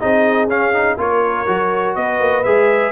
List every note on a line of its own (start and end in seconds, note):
0.00 0.48 C4
0.00 0.49 D#4
0.00 0.98 G#4
0.00 0.49 D#5
0.48 0.96 C#4
0.48 0.74 C#4
0.48 0.99 F5
0.74 0.98 D#4
0.98 1.47 A#3
0.98 1.47 F4
0.98 1.98 A#4
0.98 1.95 C#5
1.47 1.96 F#3
1.47 2.44 F#4
1.95 2.21 B3
1.95 2.92 B4
1.95 2.44 D#5
2.21 2.45 A#3
2.44 2.92 G#3
2.44 2.92 G#4
2.44 2.92 E5